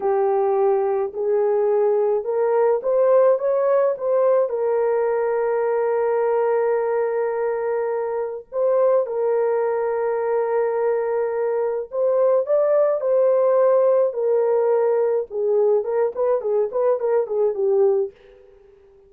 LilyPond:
\new Staff \with { instrumentName = "horn" } { \time 4/4 \tempo 4 = 106 g'2 gis'2 | ais'4 c''4 cis''4 c''4 | ais'1~ | ais'2. c''4 |
ais'1~ | ais'4 c''4 d''4 c''4~ | c''4 ais'2 gis'4 | ais'8 b'8 gis'8 b'8 ais'8 gis'8 g'4 | }